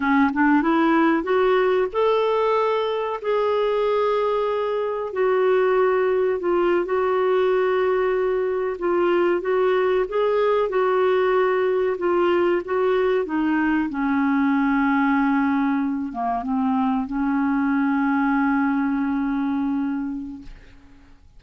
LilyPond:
\new Staff \with { instrumentName = "clarinet" } { \time 4/4 \tempo 4 = 94 cis'8 d'8 e'4 fis'4 a'4~ | a'4 gis'2. | fis'2 f'8. fis'4~ fis'16~ | fis'4.~ fis'16 f'4 fis'4 gis'16~ |
gis'8. fis'2 f'4 fis'16~ | fis'8. dis'4 cis'2~ cis'16~ | cis'4~ cis'16 ais8 c'4 cis'4~ cis'16~ | cis'1 | }